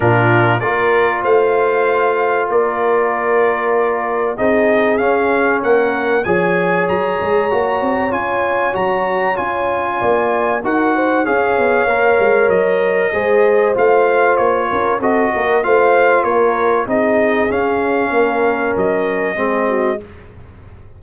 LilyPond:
<<
  \new Staff \with { instrumentName = "trumpet" } { \time 4/4 \tempo 4 = 96 ais'4 d''4 f''2 | d''2. dis''4 | f''4 fis''4 gis''4 ais''4~ | ais''4 gis''4 ais''4 gis''4~ |
gis''4 fis''4 f''2 | dis''2 f''4 cis''4 | dis''4 f''4 cis''4 dis''4 | f''2 dis''2 | }
  \new Staff \with { instrumentName = "horn" } { \time 4/4 f'4 ais'4 c''2 | ais'2. gis'4~ | gis'4 ais'4 cis''2~ | cis''1 |
d''4 ais'8 c''8 cis''2~ | cis''4 c''2~ c''8 ais'8 | a'8 ais'8 c''4 ais'4 gis'4~ | gis'4 ais'2 gis'8 fis'8 | }
  \new Staff \with { instrumentName = "trombone" } { \time 4/4 d'4 f'2.~ | f'2. dis'4 | cis'2 gis'2 | fis'4 f'4 fis'4 f'4~ |
f'4 fis'4 gis'4 ais'4~ | ais'4 gis'4 f'2 | fis'4 f'2 dis'4 | cis'2. c'4 | }
  \new Staff \with { instrumentName = "tuba" } { \time 4/4 ais,4 ais4 a2 | ais2. c'4 | cis'4 ais4 f4 fis8 gis8 | ais8 c'8 cis'4 fis4 cis'4 |
ais4 dis'4 cis'8 b8 ais8 gis8 | fis4 gis4 a4 ais8 cis'8 | c'8 ais8 a4 ais4 c'4 | cis'4 ais4 fis4 gis4 | }
>>